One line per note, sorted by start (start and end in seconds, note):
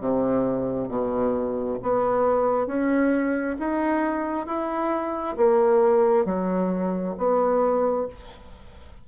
0.00 0.88 C3
0.88 1.78 B2
1.82 2.67 B3
2.67 3.56 C#4
3.59 4.47 D#4
4.47 5.36 E4
5.36 6.25 A#3
6.25 7.15 F#3
7.18 8.07 B3